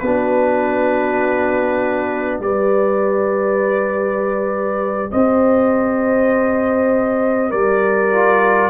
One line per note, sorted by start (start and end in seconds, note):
0.00 2.40 B3
0.00 2.43 D4
0.00 2.43 F#4
0.00 2.40 B4
2.40 5.10 G3
2.40 8.12 G4
2.40 5.12 B4
2.40 5.12 D5
5.12 7.52 C4
5.12 7.50 C5
5.12 7.52 D#5
7.50 8.70 G3
7.50 8.70 A#4
7.50 8.70 D5
8.12 8.70 F4